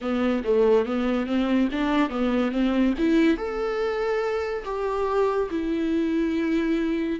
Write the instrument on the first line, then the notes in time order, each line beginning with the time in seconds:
viola
0.01 B3
0.43 A3
0.85 B3
1.26 C4
1.71 D4
2.09 B3
2.51 C4
2.98 E4
3.37 A4
4.64 G4
5.50 E4